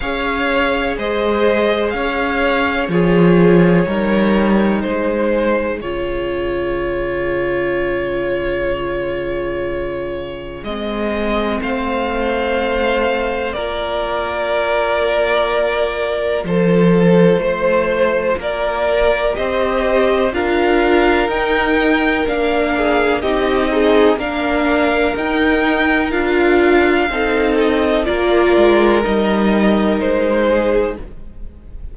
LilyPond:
<<
  \new Staff \with { instrumentName = "violin" } { \time 4/4 \tempo 4 = 62 f''4 dis''4 f''4 cis''4~ | cis''4 c''4 cis''2~ | cis''2. dis''4 | f''2 d''2~ |
d''4 c''2 d''4 | dis''4 f''4 g''4 f''4 | dis''4 f''4 g''4 f''4~ | f''8 dis''8 d''4 dis''4 c''4 | }
  \new Staff \with { instrumentName = "violin" } { \time 4/4 cis''4 c''4 cis''4 gis'4 | ais'4 gis'2.~ | gis'1 | c''2 ais'2~ |
ais'4 a'4 c''4 ais'4 | c''4 ais'2~ ais'8 gis'8 | g'8 dis'8 ais'2. | a'4 ais'2~ ais'8 gis'8 | }
  \new Staff \with { instrumentName = "viola" } { \time 4/4 gis'2. f'4 | dis'2 f'2~ | f'2. c'4~ | c'2 f'2~ |
f'1 | g'4 f'4 dis'4 d'4 | dis'8 gis'8 d'4 dis'4 f'4 | dis'4 f'4 dis'2 | }
  \new Staff \with { instrumentName = "cello" } { \time 4/4 cis'4 gis4 cis'4 f4 | g4 gis4 cis2~ | cis2. gis4 | a2 ais2~ |
ais4 f4 a4 ais4 | c'4 d'4 dis'4 ais4 | c'4 ais4 dis'4 d'4 | c'4 ais8 gis8 g4 gis4 | }
>>